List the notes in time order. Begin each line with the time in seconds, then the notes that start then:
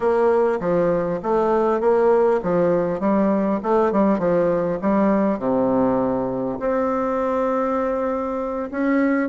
0.00 A#3
0.60 F3
1.22 A3
1.80 A#3
2.42 F3
3.00 G3
3.62 A3
3.92 G3
4.18 F3
4.81 G3
5.38 C3
6.59 C4
8.71 C#4